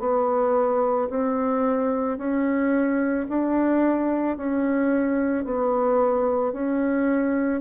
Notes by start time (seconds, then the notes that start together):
0.00 B3
1.10 C4
2.18 C#4
3.29 D4
4.37 C#4
5.45 B3
6.53 C#4